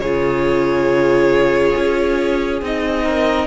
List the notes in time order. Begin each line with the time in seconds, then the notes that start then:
0.00 C#3 F4 G#4 C#5
1.77 C#4
2.62 C4 D#4 D#5
3.04 A#4